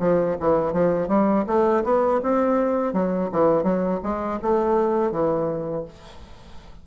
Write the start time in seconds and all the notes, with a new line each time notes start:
0.00 F3
0.40 E3
0.73 F3
1.08 G3
1.47 A3
1.84 B3
2.23 C4
2.93 F#3
3.32 E3
3.63 F#3
4.03 G#3
4.42 A3
5.12 E3